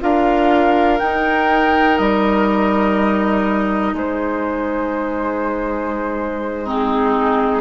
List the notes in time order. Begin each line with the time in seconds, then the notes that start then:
0.00 D4 F4 A#4 F5
0.99 D#4 G5
1.97 G3 D#5
3.93 G#3 G#4 C5
6.64 C4 D#4 G#4